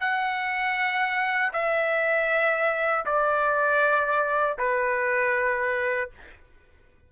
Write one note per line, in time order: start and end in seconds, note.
0.00 1.52 F#5
1.53 3.05 E5
3.06 4.57 D5
4.58 6.10 B4